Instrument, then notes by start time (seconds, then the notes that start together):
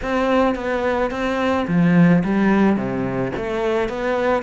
cello
0.02 C4
0.55 B3
1.11 C4
1.67 F3
2.24 G3
2.76 C3
3.36 A3
3.89 B3